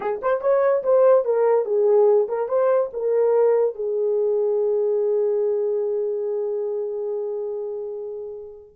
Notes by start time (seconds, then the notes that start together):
0.00 G#4
0.22 C5
0.41 C#5
0.83 C5
1.24 A#4
1.65 G#4
2.28 A#4
2.48 C5
2.93 A#4
3.75 G#4